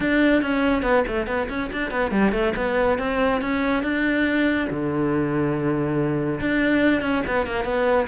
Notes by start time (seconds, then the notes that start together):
0.00 D4
0.42 C#4
0.82 B3
1.07 A3
1.26 B3
1.49 C#4
1.72 D4
1.91 B3
2.11 G3
2.32 A3
2.56 B3
2.98 C4
3.41 C#4
3.83 D4
4.69 D3
6.40 D4
7.01 C#4
7.27 B3
7.46 A#3
7.64 B3